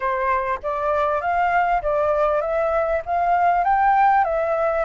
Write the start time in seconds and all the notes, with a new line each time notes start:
0.00 C5
0.62 D5
1.21 F5
1.82 D5
2.41 E5
3.05 F5
3.64 G5
4.24 E5